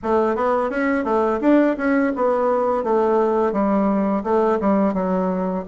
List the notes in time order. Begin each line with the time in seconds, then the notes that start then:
0.03 A3
0.35 B3
0.70 C#4
1.04 A3
1.41 D4
1.77 C#4
2.15 B3
2.83 A3
3.52 G3
4.23 A3
4.60 G3
4.93 F#3